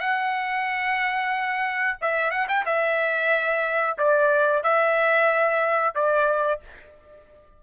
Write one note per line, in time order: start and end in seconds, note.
0.00 1.98 F#5
2.01 2.31 E5
2.31 2.47 F#5
2.48 2.65 G5
2.66 3.98 E5
3.98 4.63 D5
4.63 5.95 E5
5.95 6.61 D5